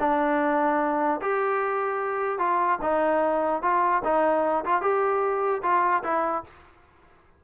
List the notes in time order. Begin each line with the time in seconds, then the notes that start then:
0.00 D4
1.22 G4
2.39 F4
2.82 D#4
3.63 F4
4.04 D#4
4.65 F4
4.82 G4
5.63 F4
6.04 E4